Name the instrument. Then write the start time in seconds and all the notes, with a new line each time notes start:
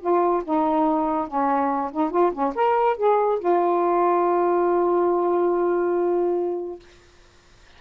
saxophone
0.00 F4
0.44 D#4
1.27 C#4
1.92 D#4
2.10 F4
2.32 C#4
2.55 A#4
2.97 G#4
3.39 F4